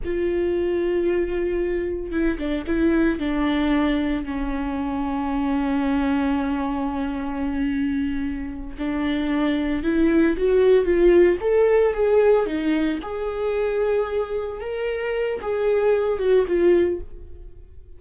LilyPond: \new Staff \with { instrumentName = "viola" } { \time 4/4 \tempo 4 = 113 f'1 | e'8 d'8 e'4 d'2 | cis'1~ | cis'1~ |
cis'8 d'2 e'4 fis'8~ | fis'8 f'4 a'4 gis'4 dis'8~ | dis'8 gis'2. ais'8~ | ais'4 gis'4. fis'8 f'4 | }